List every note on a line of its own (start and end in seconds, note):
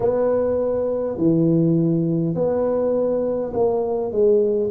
0.00 1.17 B3
1.17 2.34 E3
2.34 3.52 B3
3.53 4.11 A#3
4.11 4.70 G#3